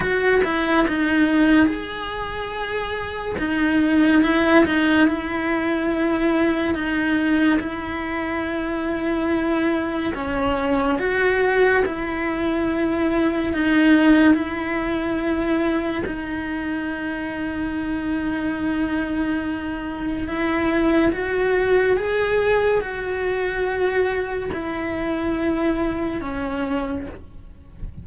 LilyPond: \new Staff \with { instrumentName = "cello" } { \time 4/4 \tempo 4 = 71 fis'8 e'8 dis'4 gis'2 | dis'4 e'8 dis'8 e'2 | dis'4 e'2. | cis'4 fis'4 e'2 |
dis'4 e'2 dis'4~ | dis'1 | e'4 fis'4 gis'4 fis'4~ | fis'4 e'2 cis'4 | }